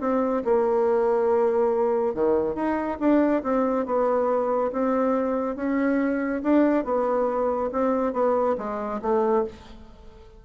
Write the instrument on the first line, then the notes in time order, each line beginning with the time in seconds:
bassoon
0.00 C4
0.44 A#3
2.14 D#3
2.55 D#4
3.00 D4
3.43 C4
3.86 B3
4.72 C4
5.56 C#4
6.43 D4
6.84 B3
7.72 C4
8.13 B3
8.58 G#3
9.02 A3